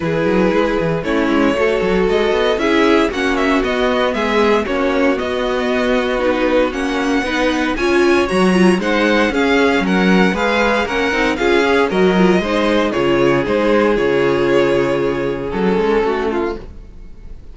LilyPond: <<
  \new Staff \with { instrumentName = "violin" } { \time 4/4 \tempo 4 = 116 b'2 cis''2 | dis''4 e''4 fis''8 e''8 dis''4 | e''4 cis''4 dis''2 | b'4 fis''2 gis''4 |
ais''4 fis''4 f''4 fis''4 | f''4 fis''4 f''4 dis''4~ | dis''4 cis''4 c''4 cis''4~ | cis''2 a'2 | }
  \new Staff \with { instrumentName = "violin" } { \time 4/4 gis'2 e'4 a'4~ | a'4 gis'4 fis'2 | gis'4 fis'2.~ | fis'2 b'4 cis''4~ |
cis''4 c''4 gis'4 ais'4 | b'4 ais'4 gis'4 ais'4 | c''4 gis'2.~ | gis'2. fis'8 f'8 | }
  \new Staff \with { instrumentName = "viola" } { \time 4/4 e'2 cis'4 fis'4~ | fis'4 e'4 cis'4 b4~ | b4 cis'4 b2 | dis'4 cis'4 dis'4 f'4 |
fis'8 f'8 dis'4 cis'2 | gis'4 cis'8 dis'8 f'8 gis'8 fis'8 f'8 | dis'4 f'4 dis'4 f'4~ | f'2 cis'2 | }
  \new Staff \with { instrumentName = "cello" } { \time 4/4 e8 fis8 gis8 e8 a8 gis8 a8 fis8 | gis8 b8 cis'4 ais4 b4 | gis4 ais4 b2~ | b4 ais4 b4 cis'4 |
fis4 gis4 cis'4 fis4 | gis4 ais8 c'8 cis'4 fis4 | gis4 cis4 gis4 cis4~ | cis2 fis8 gis8 a4 | }
>>